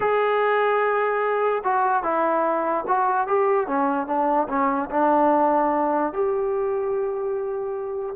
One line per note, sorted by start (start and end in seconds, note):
0.00 1.62 G#4
1.63 2.03 F#4
2.03 2.85 E4
2.87 3.27 F#4
3.27 3.67 G4
3.67 4.06 C#4
4.06 4.47 D4
4.49 4.89 C#4
4.90 6.12 D4
6.12 8.15 G4